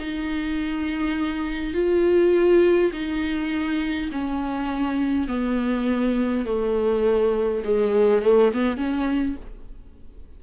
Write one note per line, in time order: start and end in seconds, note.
0.00 1.74 D#4
1.74 2.92 F4
2.93 4.10 D#4
4.12 5.28 C#4
5.28 6.46 B3
6.46 7.64 A3
7.64 8.23 G#3
8.23 8.52 A3
8.54 8.77 B3
8.77 9.36 C#4